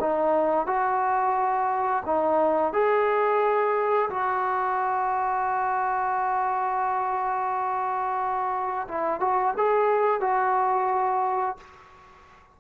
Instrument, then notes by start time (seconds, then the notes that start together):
trombone
0.00 D#4
0.66 F#4
2.06 D#4
2.73 G#4
4.10 F#4
8.88 E4
9.20 F#4
9.57 G#4
10.21 F#4